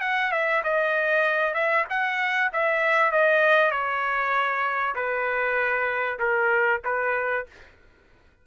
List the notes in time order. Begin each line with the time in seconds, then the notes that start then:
0.00 F#5
0.31 E5
0.63 D#5
1.54 E5
1.89 F#5
2.52 E5
3.11 D#5
3.71 C#5
4.95 B4
6.19 A#4
6.84 B4